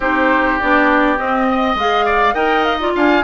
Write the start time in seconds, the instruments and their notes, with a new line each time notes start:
0.00 bassoon C4, clarinet D#4, oboe G4, flute C5
0.59 bassoon B3, clarinet D4, flute D5
1.17 clarinet C4, bassoon C4, flute D#5
1.50 oboe D#5
1.74 bassoon G#3, clarinet G#4, flute F5
2.05 oboe D5
2.33 bassoon D#4, clarinet A#4, oboe D#5, flute G5
2.64 flute F5
2.79 clarinet F4, flute D5
2.95 bassoon D4, oboe F5, flute G#5